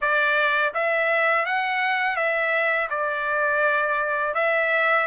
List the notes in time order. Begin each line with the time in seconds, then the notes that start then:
0.01 D5
0.74 E5
1.45 F#5
2.16 E5
2.89 D5
4.34 E5